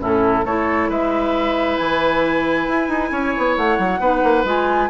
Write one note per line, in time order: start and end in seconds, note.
0.00 0.45 A2
0.00 0.44 C#4
0.00 0.45 E4
0.00 0.46 A4
0.45 0.89 A3
0.45 4.01 E4
0.45 0.89 A4
0.45 0.90 C#5
0.89 1.78 G#3
0.89 3.12 B4
0.89 1.78 E5
1.78 2.68 E3
1.78 3.56 G#5
2.68 2.89 E4
2.89 3.11 D#4
3.12 3.34 C#4
3.12 4.01 C#5
3.38 3.58 B3
3.56 3.79 A3
3.56 4.45 F#5
3.79 4.00 F#3
4.00 4.22 B3
4.00 4.46 D#4
4.00 4.90 B4
4.24 4.45 A#3
4.45 4.89 G#3
4.45 4.90 F4
4.45 4.90 G#5